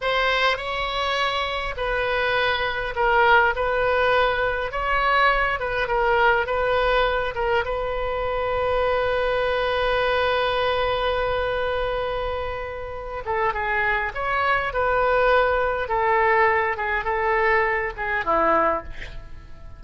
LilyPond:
\new Staff \with { instrumentName = "oboe" } { \time 4/4 \tempo 4 = 102 c''4 cis''2 b'4~ | b'4 ais'4 b'2 | cis''4. b'8 ais'4 b'4~ | b'8 ais'8 b'2.~ |
b'1~ | b'2~ b'8 a'8 gis'4 | cis''4 b'2 a'4~ | a'8 gis'8 a'4. gis'8 e'4 | }